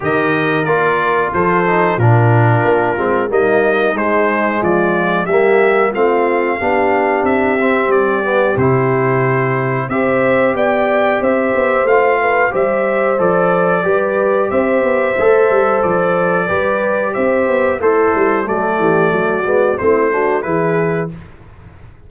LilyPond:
<<
  \new Staff \with { instrumentName = "trumpet" } { \time 4/4 \tempo 4 = 91 dis''4 d''4 c''4 ais'4~ | ais'4 dis''4 c''4 d''4 | e''4 f''2 e''4 | d''4 c''2 e''4 |
g''4 e''4 f''4 e''4 | d''2 e''2 | d''2 e''4 c''4 | d''2 c''4 b'4 | }
  \new Staff \with { instrumentName = "horn" } { \time 4/4 ais'2 a'4 f'4~ | f'4 dis'2 f'4 | g'4 f'4 g'2~ | g'2. c''4 |
d''4 c''4. b'8 c''4~ | c''4 b'4 c''2~ | c''4 b'4 c''4 e'4 | a'8 g'8 fis'4 e'8 fis'8 gis'4 | }
  \new Staff \with { instrumentName = "trombone" } { \time 4/4 g'4 f'4. dis'8 d'4~ | d'8 c'8 ais4 gis2 | ais4 c'4 d'4. c'8~ | c'8 b8 e'2 g'4~ |
g'2 f'4 g'4 | a'4 g'2 a'4~ | a'4 g'2 a'4 | a4. b8 c'8 d'8 e'4 | }
  \new Staff \with { instrumentName = "tuba" } { \time 4/4 dis4 ais4 f4 ais,4 | ais8 gis8 g4 gis4 f4 | g4 a4 b4 c'4 | g4 c2 c'4 |
b4 c'8 b8 a4 g4 | f4 g4 c'8 b8 a8 g8 | f4 g4 c'8 b8 a8 g8 | fis8 e8 fis8 gis8 a4 e4 | }
>>